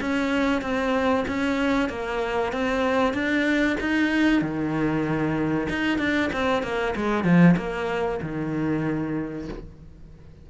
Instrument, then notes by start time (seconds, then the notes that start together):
cello
0.00 C#4
0.61 C4
1.27 C#4
1.89 A#3
2.52 C4
3.13 D4
3.80 D#4
4.41 D#3
5.69 D#4
5.98 D4
6.33 C4
6.63 A#3
6.96 G#3
7.24 F3
7.56 A#3
8.22 D#3